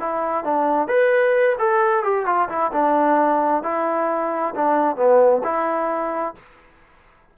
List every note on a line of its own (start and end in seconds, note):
0.00 0.44 E4
0.44 0.88 D4
0.88 1.56 B4
1.59 2.03 A4
2.03 2.26 G4
2.26 2.49 F4
2.49 2.71 E4
2.72 3.63 D4
3.63 4.54 E4
4.55 4.96 D4
4.96 5.42 B3
5.44 6.35 E4